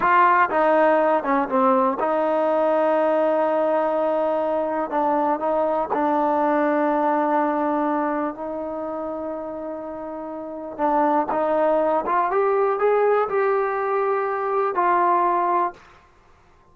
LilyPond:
\new Staff \with { instrumentName = "trombone" } { \time 4/4 \tempo 4 = 122 f'4 dis'4. cis'8 c'4 | dis'1~ | dis'2 d'4 dis'4 | d'1~ |
d'4 dis'2.~ | dis'2 d'4 dis'4~ | dis'8 f'8 g'4 gis'4 g'4~ | g'2 f'2 | }